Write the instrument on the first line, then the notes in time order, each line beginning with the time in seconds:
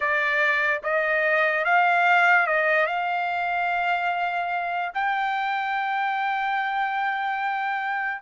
trumpet
0.00 D5
0.83 D#5
1.64 F5
2.47 D#5
2.86 F5
4.94 G5